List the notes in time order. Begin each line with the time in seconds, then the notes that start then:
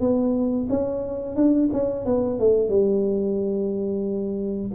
0.00 B3
0.70 C#4
1.36 D4
1.73 C#4
2.06 B3
2.40 A3
2.69 G3